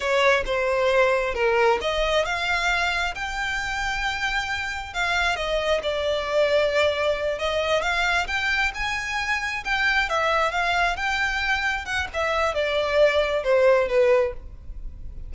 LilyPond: \new Staff \with { instrumentName = "violin" } { \time 4/4 \tempo 4 = 134 cis''4 c''2 ais'4 | dis''4 f''2 g''4~ | g''2. f''4 | dis''4 d''2.~ |
d''8 dis''4 f''4 g''4 gis''8~ | gis''4. g''4 e''4 f''8~ | f''8 g''2 fis''8 e''4 | d''2 c''4 b'4 | }